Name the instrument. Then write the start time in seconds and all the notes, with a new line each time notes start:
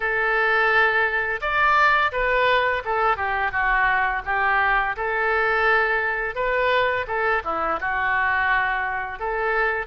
oboe
0.00 A4
1.41 D5
2.12 B4
2.84 A4
3.16 G4
3.51 F#4
4.25 G4
4.96 A4
6.35 B4
7.07 A4
7.44 E4
7.80 F#4
9.19 A4